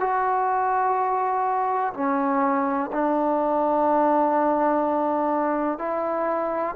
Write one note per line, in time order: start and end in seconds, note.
0.00 1.94 F#4
1.94 2.90 C#4
2.93 5.78 D4
5.78 6.75 E4